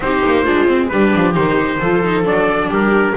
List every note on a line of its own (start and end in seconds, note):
0.00 0.22 C4
0.00 0.46 D#4
0.00 0.43 G4
0.00 0.88 C5
0.25 0.46 A#3
0.43 0.91 G#3
0.43 0.67 D4
0.43 0.88 F4
0.67 0.89 C4
0.88 1.14 G3
0.88 1.33 D4
0.88 1.80 G4
0.88 1.33 B4
1.15 1.36 F3
1.33 1.80 D#3
1.33 1.79 D#4
1.33 2.25 C5
1.80 2.25 F3
1.80 2.04 F4
1.80 2.68 A4
2.04 2.23 D#4
2.23 2.67 F#3
2.23 3.13 D4
2.23 2.72 D5
2.67 3.12 G3
2.67 3.13 G4
2.67 3.16 A#4